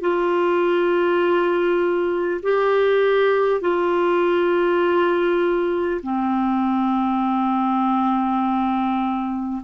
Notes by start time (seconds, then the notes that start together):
0.00 F4
2.42 G4
3.61 F4
6.02 C4